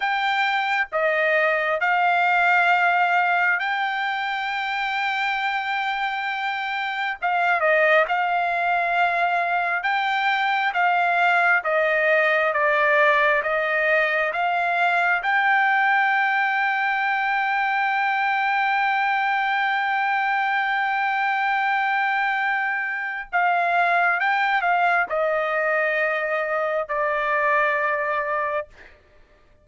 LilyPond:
\new Staff \with { instrumentName = "trumpet" } { \time 4/4 \tempo 4 = 67 g''4 dis''4 f''2 | g''1 | f''8 dis''8 f''2 g''4 | f''4 dis''4 d''4 dis''4 |
f''4 g''2.~ | g''1~ | g''2 f''4 g''8 f''8 | dis''2 d''2 | }